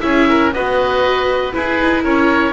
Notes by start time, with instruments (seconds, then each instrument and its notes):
0.00 double bass C#4, viola E4, oboe G#4 E5
0.29 oboe A#4
0.53 double bass B3, viola F#4, oboe B4 D#5
1.52 viola E4, double bass E4, oboe G#4 B4
1.80 double bass D#4
2.03 double bass C#4, oboe A#4 C#5